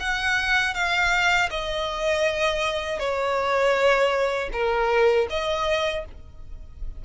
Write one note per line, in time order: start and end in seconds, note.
0.00 0.74 F#5
0.74 1.49 F5
1.50 3.00 D#5
3.00 4.50 C#5
4.52 5.27 A#4
5.30 6.05 D#5